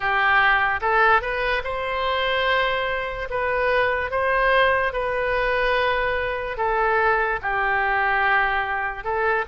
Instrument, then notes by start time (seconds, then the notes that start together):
oboe
0.00 G4
0.81 A4
1.21 B4
1.64 C5
3.30 B4
4.10 C5
4.92 B4
6.57 A4
7.42 G4
9.03 A4